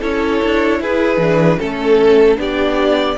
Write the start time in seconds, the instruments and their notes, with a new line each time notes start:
0.00 cello C#4, viola E4, violin A4 C#5
0.44 cello D4
0.81 cello E4, violin G#4 B4
1.18 cello E3, viola D4
1.59 cello A3, viola C#4, violin A4
2.38 cello B3, viola D4, violin G4 D5